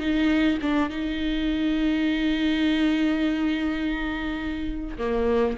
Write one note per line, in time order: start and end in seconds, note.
0.00 0.58 D#4
0.62 0.90 D4
0.90 4.98 D#4
4.98 5.56 A#3